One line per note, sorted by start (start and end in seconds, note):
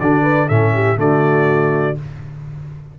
0.00 0.50 D3
0.00 0.50 D4
0.00 0.23 F#4
0.00 0.49 D5
0.23 0.48 B4
0.48 0.98 A2
0.48 0.97 C#4
0.48 0.73 A4
0.48 0.98 E5
0.74 0.99 G4
0.97 1.97 D3
0.97 1.95 A3
0.97 1.99 F#4
0.97 1.99 D5